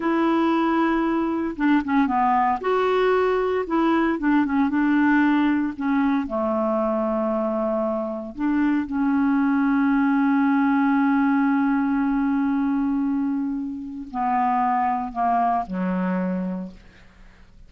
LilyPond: \new Staff \with { instrumentName = "clarinet" } { \time 4/4 \tempo 4 = 115 e'2. d'8 cis'8 | b4 fis'2 e'4 | d'8 cis'8 d'2 cis'4 | a1 |
d'4 cis'2.~ | cis'1~ | cis'2. b4~ | b4 ais4 fis2 | }